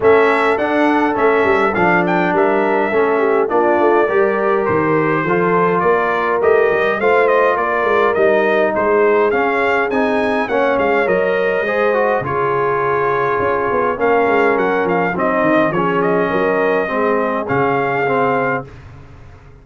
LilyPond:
<<
  \new Staff \with { instrumentName = "trumpet" } { \time 4/4 \tempo 4 = 103 e''4 fis''4 e''4 f''8 g''8 | e''2 d''2 | c''2 d''4 dis''4 | f''8 dis''8 d''4 dis''4 c''4 |
f''4 gis''4 fis''8 f''8 dis''4~ | dis''4 cis''2. | f''4 fis''8 f''8 dis''4 cis''8 dis''8~ | dis''2 f''2 | }
  \new Staff \with { instrumentName = "horn" } { \time 4/4 a'1 | ais'4 a'8 g'8 f'4 ais'4~ | ais'4 a'4 ais'2 | c''4 ais'2 gis'4~ |
gis'2 cis''2 | c''4 gis'2. | ais'2 dis'4 gis'4 | ais'4 gis'2. | }
  \new Staff \with { instrumentName = "trombone" } { \time 4/4 cis'4 d'4 cis'4 d'4~ | d'4 cis'4 d'4 g'4~ | g'4 f'2 g'4 | f'2 dis'2 |
cis'4 dis'4 cis'4 ais'4 | gis'8 fis'8 f'2. | cis'2 c'4 cis'4~ | cis'4 c'4 cis'4 c'4 | }
  \new Staff \with { instrumentName = "tuba" } { \time 4/4 a4 d'4 a8 g8 f4 | g4 a4 ais8 a8 g4 | dis4 f4 ais4 a8 g8 | a4 ais8 gis8 g4 gis4 |
cis'4 c'4 ais8 gis8 fis4 | gis4 cis2 cis'8 b8 | ais8 gis8 fis8 f8 fis8 dis8 f4 | fis4 gis4 cis2 | }
>>